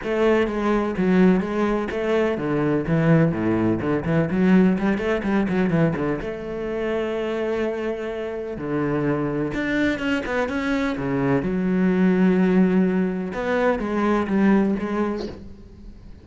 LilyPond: \new Staff \with { instrumentName = "cello" } { \time 4/4 \tempo 4 = 126 a4 gis4 fis4 gis4 | a4 d4 e4 a,4 | d8 e8 fis4 g8 a8 g8 fis8 | e8 d8 a2.~ |
a2 d2 | d'4 cis'8 b8 cis'4 cis4 | fis1 | b4 gis4 g4 gis4 | }